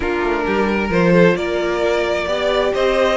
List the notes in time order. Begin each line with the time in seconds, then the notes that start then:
0.00 A#3 D4 F4 A#4
0.22 A3
0.46 G3 G4
0.69 A#4
0.89 F3 F4 C5
1.12 A4
1.35 A#3 A#4 D5
2.26 B3 G4 D5
2.73 C4 C5 D#5